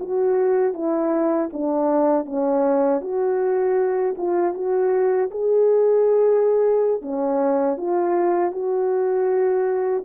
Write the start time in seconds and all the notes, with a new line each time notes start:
0.00 F#4
0.74 E4
1.53 D4
2.26 C#4
3.01 F#4
4.18 F4
4.54 F#4
5.31 G#4
7.02 C#4
7.77 F4
8.52 F#4